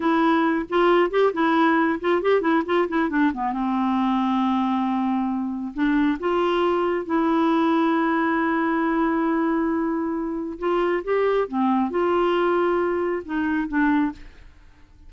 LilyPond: \new Staff \with { instrumentName = "clarinet" } { \time 4/4 \tempo 4 = 136 e'4. f'4 g'8 e'4~ | e'8 f'8 g'8 e'8 f'8 e'8 d'8 b8 | c'1~ | c'4 d'4 f'2 |
e'1~ | e'1 | f'4 g'4 c'4 f'4~ | f'2 dis'4 d'4 | }